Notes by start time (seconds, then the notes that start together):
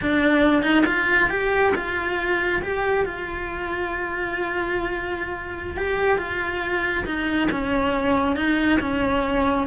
0.01 D4
0.62 D#4
0.86 F4
1.29 G4
1.75 F4
2.62 G4
3.05 F4
5.76 G4
6.18 F4
7.05 D#4
7.51 C#4
8.36 D#4
8.80 C#4